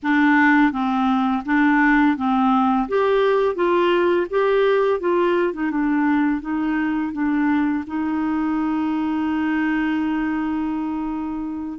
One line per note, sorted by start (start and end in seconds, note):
0.02 0.71 D4
0.71 1.43 C4
1.45 2.16 D4
2.16 2.88 C4
2.88 3.55 G4
3.55 4.26 F4
4.30 4.99 G4
4.99 5.53 F4
5.53 5.70 D#4
5.70 6.41 D4
6.41 7.12 D#4
7.12 7.84 D4
7.86 11.78 D#4